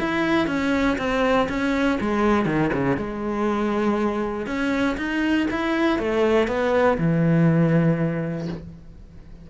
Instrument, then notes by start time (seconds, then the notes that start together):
cello
0.00 E4
0.47 C#4
0.98 C4
1.49 C#4
2.01 G#3
2.46 D#3
2.74 C#3
2.97 G#3
4.47 C#4
4.98 D#4
5.51 E4
5.99 A3
6.48 B3
6.99 E3